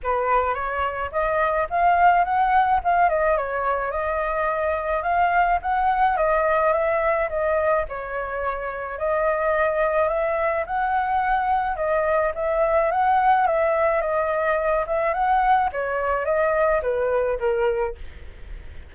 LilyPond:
\new Staff \with { instrumentName = "flute" } { \time 4/4 \tempo 4 = 107 b'4 cis''4 dis''4 f''4 | fis''4 f''8 dis''8 cis''4 dis''4~ | dis''4 f''4 fis''4 dis''4 | e''4 dis''4 cis''2 |
dis''2 e''4 fis''4~ | fis''4 dis''4 e''4 fis''4 | e''4 dis''4. e''8 fis''4 | cis''4 dis''4 b'4 ais'4 | }